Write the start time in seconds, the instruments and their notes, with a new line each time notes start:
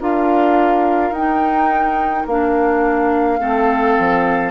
0.00 bassoon D4, clarinet F4, oboe A#4, flute F5
1.11 bassoon D#4, clarinet D#4, flute G5
2.26 bassoon A#3, clarinet D4, flute F5
3.39 bassoon A3, clarinet C4, oboe A4
3.99 bassoon F3